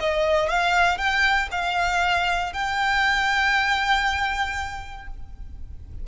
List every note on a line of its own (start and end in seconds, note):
0.00 0.49 D#5
0.49 0.98 F5
0.98 1.49 G5
1.52 2.53 F5
2.53 5.08 G5